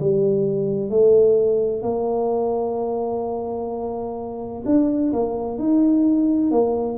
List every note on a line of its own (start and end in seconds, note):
0.00 0.90 G3
0.90 1.82 A3
1.82 4.64 A#3
4.66 5.13 D4
5.13 5.59 A#3
5.59 6.52 D#4
6.52 6.98 A#3